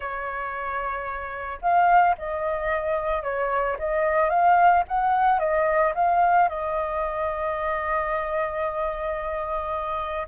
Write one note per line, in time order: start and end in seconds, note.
0.00 1.58 C#5
1.61 2.15 F5
2.18 3.23 D#5
3.23 3.77 C#5
3.78 4.29 D#5
4.29 4.83 F5
4.88 5.39 F#5
5.39 5.93 D#5
5.95 6.49 F5
6.49 10.27 D#5